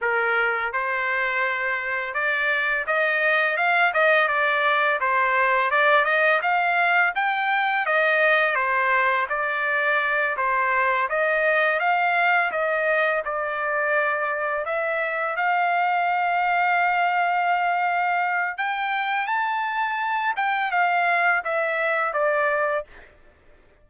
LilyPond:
\new Staff \with { instrumentName = "trumpet" } { \time 4/4 \tempo 4 = 84 ais'4 c''2 d''4 | dis''4 f''8 dis''8 d''4 c''4 | d''8 dis''8 f''4 g''4 dis''4 | c''4 d''4. c''4 dis''8~ |
dis''8 f''4 dis''4 d''4.~ | d''8 e''4 f''2~ f''8~ | f''2 g''4 a''4~ | a''8 g''8 f''4 e''4 d''4 | }